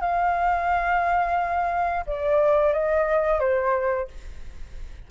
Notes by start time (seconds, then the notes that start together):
0.00 F5
2.06 D5
2.73 D#5
3.39 C5